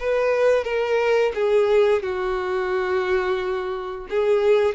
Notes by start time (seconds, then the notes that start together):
0.00 B4
0.64 A#4
1.35 G#4
2.03 F#4
4.10 G#4